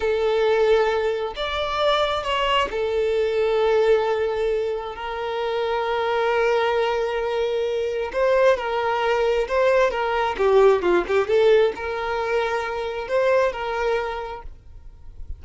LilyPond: \new Staff \with { instrumentName = "violin" } { \time 4/4 \tempo 4 = 133 a'2. d''4~ | d''4 cis''4 a'2~ | a'2. ais'4~ | ais'1~ |
ais'2 c''4 ais'4~ | ais'4 c''4 ais'4 g'4 | f'8 g'8 a'4 ais'2~ | ais'4 c''4 ais'2 | }